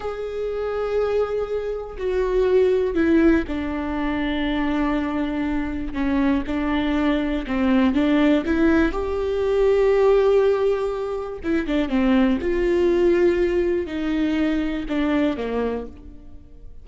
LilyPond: \new Staff \with { instrumentName = "viola" } { \time 4/4 \tempo 4 = 121 gis'1 | fis'2 e'4 d'4~ | d'1 | cis'4 d'2 c'4 |
d'4 e'4 g'2~ | g'2. e'8 d'8 | c'4 f'2. | dis'2 d'4 ais4 | }